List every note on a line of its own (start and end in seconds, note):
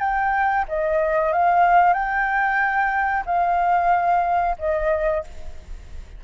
0.00 0.65 G5
0.68 1.33 D#5
1.33 1.93 F5
1.93 3.24 G5
3.26 4.56 F5
4.59 5.24 D#5